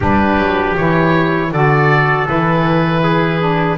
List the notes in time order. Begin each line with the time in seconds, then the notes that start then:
0.00 G3 D4 G4 B4
0.37 F#3
0.77 E3 E4 C#5
1.51 D3 F#4 A4 D5
2.26 E3 E4 B4
3.03 G#4
3.39 D4